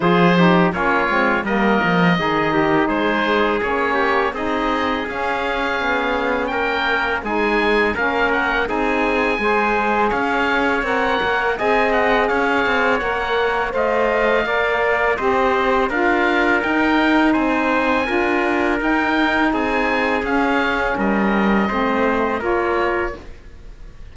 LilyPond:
<<
  \new Staff \with { instrumentName = "oboe" } { \time 4/4 \tempo 4 = 83 c''4 cis''4 dis''2 | c''4 cis''4 dis''4 f''4~ | f''4 g''4 gis''4 f''8 fis''8 | gis''2 f''4 fis''4 |
gis''8 fis''8 f''4 fis''4 f''4~ | f''4 dis''4 f''4 g''4 | gis''2 g''4 gis''4 | f''4 dis''2 cis''4 | }
  \new Staff \with { instrumentName = "trumpet" } { \time 4/4 gis'8 g'8 f'4 ais'4 gis'8 g'8 | gis'4. g'8 gis'2~ | gis'4 ais'4 gis'4 ais'4 | gis'4 c''4 cis''2 |
dis''4 cis''2 dis''4 | d''4 c''4 ais'2 | c''4 ais'2 gis'4~ | gis'4 ais'4 c''4 ais'4 | }
  \new Staff \with { instrumentName = "saxophone" } { \time 4/4 f'8 dis'8 cis'8 c'8 ais4 dis'4~ | dis'4 cis'4 dis'4 cis'4~ | cis'2 dis'4 cis'4 | dis'4 gis'2 ais'4 |
gis'2 ais'4 c''4 | ais'4 g'4 f'4 dis'4~ | dis'4 f'4 dis'2 | cis'2 c'4 f'4 | }
  \new Staff \with { instrumentName = "cello" } { \time 4/4 f4 ais8 gis8 g8 f8 dis4 | gis4 ais4 c'4 cis'4 | b4 ais4 gis4 ais4 | c'4 gis4 cis'4 c'8 ais8 |
c'4 cis'8 c'8 ais4 a4 | ais4 c'4 d'4 dis'4 | c'4 d'4 dis'4 c'4 | cis'4 g4 a4 ais4 | }
>>